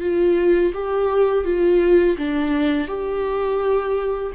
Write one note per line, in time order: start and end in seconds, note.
0.00 0.72 F4
0.73 1.44 G4
1.44 2.17 F4
2.17 2.87 D4
2.87 4.32 G4